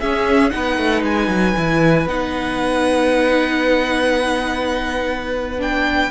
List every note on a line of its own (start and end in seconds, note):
0.00 0.51 C#4
0.00 0.53 C#4
0.00 0.52 G#4
0.00 0.50 E5
0.50 0.78 B3
0.50 1.55 D#4
0.50 6.11 B4
0.50 1.02 F#5
0.78 1.03 A3
1.03 1.27 G#3
1.03 2.08 G#5
1.27 1.54 F#3
1.57 2.07 E3
1.57 2.08 E4
2.07 6.11 B3
2.07 5.58 D#4
2.07 5.60 F#5
5.58 6.10 D4
5.58 6.11 G5